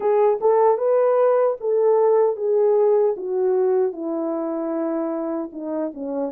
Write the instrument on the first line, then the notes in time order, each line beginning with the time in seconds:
horn
0.00 G#4
0.40 A4
0.77 B4
1.60 A4
2.36 G#4
3.17 F#4
3.92 E4
5.52 D#4
5.94 C#4